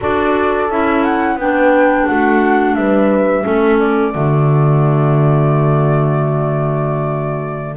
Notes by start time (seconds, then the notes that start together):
0.00 D4 F#4 A4 D5
0.70 C#4 E4 E5
1.03 F#5
1.35 B3 D4 B4 G5
2.06 A3 F#4 F#5
2.74 G3 B4 E5
3.43 A3 C#4 A4
3.79 D5
4.14 D3 A3 F#4